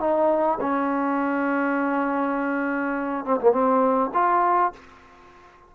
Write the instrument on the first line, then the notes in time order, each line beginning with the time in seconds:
trombone
0.00 D#4
0.61 C#4
3.25 C4
3.41 A#3
3.52 C4
4.14 F4